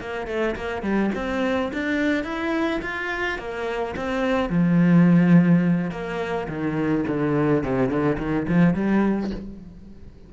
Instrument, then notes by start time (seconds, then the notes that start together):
cello
0.00 A#3
0.27 A3
0.56 A#3
0.82 G3
1.15 C4
1.73 D4
2.23 E4
2.81 F4
3.38 A#3
3.96 C4
4.49 F3
5.91 A#3
6.48 D#3
7.07 D3
7.63 C3
7.89 D3
8.18 D#3
8.48 F3
8.74 G3